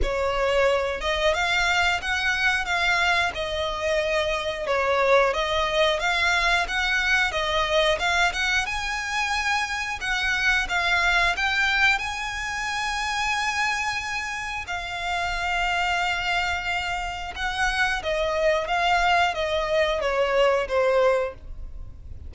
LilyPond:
\new Staff \with { instrumentName = "violin" } { \time 4/4 \tempo 4 = 90 cis''4. dis''8 f''4 fis''4 | f''4 dis''2 cis''4 | dis''4 f''4 fis''4 dis''4 | f''8 fis''8 gis''2 fis''4 |
f''4 g''4 gis''2~ | gis''2 f''2~ | f''2 fis''4 dis''4 | f''4 dis''4 cis''4 c''4 | }